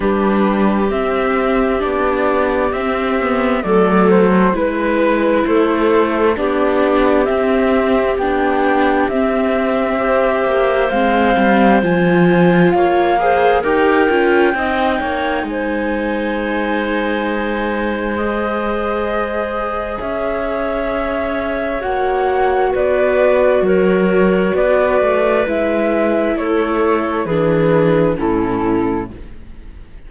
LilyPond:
<<
  \new Staff \with { instrumentName = "flute" } { \time 4/4 \tempo 4 = 66 b'4 e''4 d''4 e''4 | d''8 c''8 b'4 c''4 d''4 | e''4 g''4 e''2 | f''4 gis''4 f''4 g''4~ |
g''4 gis''2. | dis''2 e''2 | fis''4 d''4 cis''4 d''4 | e''4 cis''4 b'4 a'4 | }
  \new Staff \with { instrumentName = "clarinet" } { \time 4/4 g'1 | a'4 b'4 a'4 g'4~ | g'2. c''4~ | c''2 cis''8 c''8 ais'4 |
dis''8 cis''8 c''2.~ | c''2 cis''2~ | cis''4 b'4 ais'4 b'4~ | b'4 a'4 gis'4 e'4 | }
  \new Staff \with { instrumentName = "viola" } { \time 4/4 d'4 c'4 d'4 c'8 b8 | a4 e'2 d'4 | c'4 d'4 c'4 g'4 | c'4 f'4. gis'8 g'8 f'8 |
dis'1 | gis'1 | fis'1 | e'2 d'4 cis'4 | }
  \new Staff \with { instrumentName = "cello" } { \time 4/4 g4 c'4 b4 c'4 | fis4 gis4 a4 b4 | c'4 b4 c'4. ais8 | gis8 g8 f4 ais4 dis'8 cis'8 |
c'8 ais8 gis2.~ | gis2 cis'2 | ais4 b4 fis4 b8 a8 | gis4 a4 e4 a,4 | }
>>